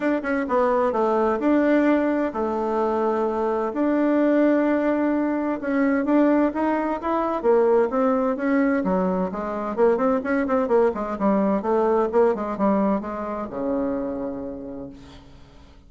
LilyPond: \new Staff \with { instrumentName = "bassoon" } { \time 4/4 \tempo 4 = 129 d'8 cis'8 b4 a4 d'4~ | d'4 a2. | d'1 | cis'4 d'4 dis'4 e'4 |
ais4 c'4 cis'4 fis4 | gis4 ais8 c'8 cis'8 c'8 ais8 gis8 | g4 a4 ais8 gis8 g4 | gis4 cis2. | }